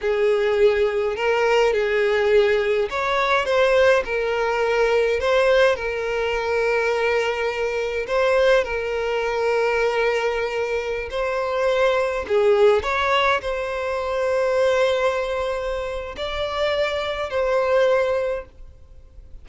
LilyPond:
\new Staff \with { instrumentName = "violin" } { \time 4/4 \tempo 4 = 104 gis'2 ais'4 gis'4~ | gis'4 cis''4 c''4 ais'4~ | ais'4 c''4 ais'2~ | ais'2 c''4 ais'4~ |
ais'2.~ ais'16 c''8.~ | c''4~ c''16 gis'4 cis''4 c''8.~ | c''1 | d''2 c''2 | }